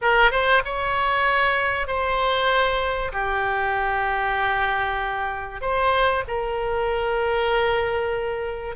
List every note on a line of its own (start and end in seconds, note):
0.01 0.31 A#4
0.31 0.62 C5
0.64 1.87 C#5
1.87 3.12 C5
3.12 5.61 G4
5.61 6.23 C5
6.27 8.75 A#4